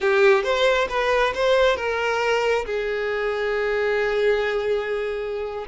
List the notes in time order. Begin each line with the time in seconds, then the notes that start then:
0.00 G4
0.43 C5
0.89 B4
1.34 C5
1.76 A#4
2.65 G#4